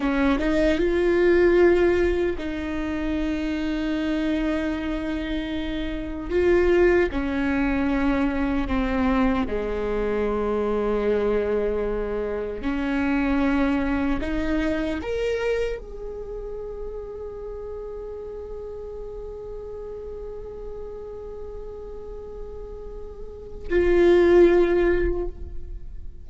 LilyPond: \new Staff \with { instrumentName = "viola" } { \time 4/4 \tempo 4 = 76 cis'8 dis'8 f'2 dis'4~ | dis'1 | f'4 cis'2 c'4 | gis1 |
cis'2 dis'4 ais'4 | gis'1~ | gis'1~ | gis'2 f'2 | }